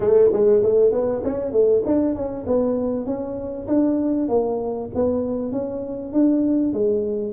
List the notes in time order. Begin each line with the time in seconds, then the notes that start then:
0.00 A3
0.33 G#3
0.62 A3
0.91 B3
1.24 C#4
1.51 A3
1.85 D4
2.15 C#4
2.46 B3
3.06 C#4
3.67 D4
4.28 A#3
4.94 B3
5.51 C#4
6.13 D4
6.73 G#3